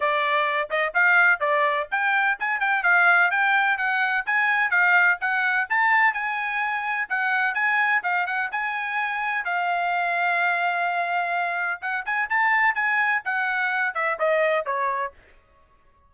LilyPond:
\new Staff \with { instrumentName = "trumpet" } { \time 4/4 \tempo 4 = 127 d''4. dis''8 f''4 d''4 | g''4 gis''8 g''8 f''4 g''4 | fis''4 gis''4 f''4 fis''4 | a''4 gis''2 fis''4 |
gis''4 f''8 fis''8 gis''2 | f''1~ | f''4 fis''8 gis''8 a''4 gis''4 | fis''4. e''8 dis''4 cis''4 | }